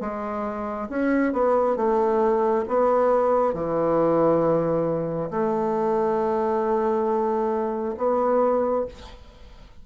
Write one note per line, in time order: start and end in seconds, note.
0.00 0.88 G#3
0.89 1.32 C#4
1.32 1.76 B3
1.76 2.64 A3
2.68 3.53 B3
3.53 5.30 E3
5.30 7.95 A3
7.97 8.85 B3